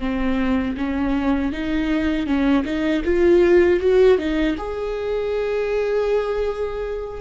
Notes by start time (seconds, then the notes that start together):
0.00 C4
0.78 C#4
1.53 D#4
2.27 C#4
2.65 D#4
3.05 F4
3.81 F#4
4.19 D#4
4.58 G#4